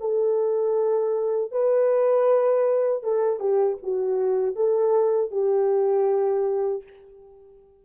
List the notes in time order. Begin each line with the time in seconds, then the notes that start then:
0.00 A4
1.52 B4
3.03 A4
3.39 G4
3.83 F#4
4.56 A4
5.31 G4